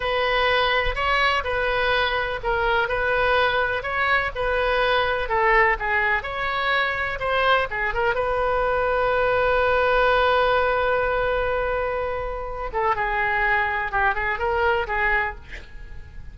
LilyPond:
\new Staff \with { instrumentName = "oboe" } { \time 4/4 \tempo 4 = 125 b'2 cis''4 b'4~ | b'4 ais'4 b'2 | cis''4 b'2 a'4 | gis'4 cis''2 c''4 |
gis'8 ais'8 b'2.~ | b'1~ | b'2~ b'8 a'8 gis'4~ | gis'4 g'8 gis'8 ais'4 gis'4 | }